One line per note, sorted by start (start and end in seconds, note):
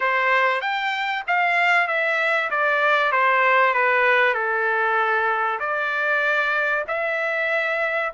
0.00 0.61 C5
0.61 1.23 G5
1.27 1.87 F5
1.87 2.50 E5
2.50 3.12 D5
3.12 3.74 C5
3.74 4.34 B4
4.34 5.59 A4
5.59 6.84 D5
6.87 8.12 E5